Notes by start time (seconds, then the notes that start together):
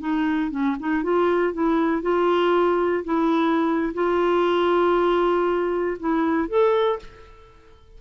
0.00 D#4
0.51 C#4
0.79 D#4
1.03 F4
1.53 E4
2.02 F4
3.04 E4
3.94 F4
6.00 E4
6.48 A4